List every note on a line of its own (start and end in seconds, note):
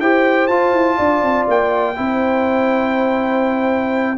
0.00 0.48 E4
0.00 0.50 G4
0.00 0.97 C5
0.00 0.47 G5
0.47 0.73 F4
0.47 1.95 F4
0.47 1.46 A5
0.73 0.97 E4
0.97 1.22 D4
0.97 1.96 D5
1.22 1.47 C4
1.48 1.97 A#3
1.48 4.17 G5
1.95 4.17 C4
1.95 4.17 E4
1.95 4.17 C5